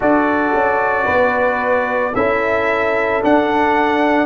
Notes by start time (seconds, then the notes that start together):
0.00 D4 F#4 A4 D5
0.53 C#4
1.04 B3 B4
2.14 C#4 E4 A4 E5
3.22 D4 F#5